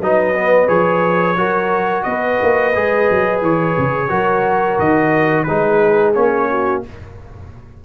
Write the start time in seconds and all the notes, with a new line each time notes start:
0.00 F#3 D#4 B4 D#5
0.35 B3
0.68 F3 G#4 C#5
1.37 F#3 F#4 A#4
2.03 B3 B4 D#5
2.43 A#3
2.75 G#3 G#4
3.10 F#3
3.42 E3 C#5
3.78 C#3
4.09 F#3 F#4 A#4
4.79 D#3 D#5
5.44 G#3 D#4 G#4 B4
6.14 A#3 C#4 C#5
6.51 F#4